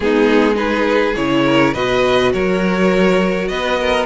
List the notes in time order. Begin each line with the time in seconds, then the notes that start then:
0.00 G#3 B3 D#4 G#4
0.54 D#4 G#4 B4
1.16 C#3 E4 C#5
1.45 A#4
1.73 B2 F#4 B4 D#5
2.32 F#3 A#4 C#5
3.47 B3 B4 D#5
3.80 A#4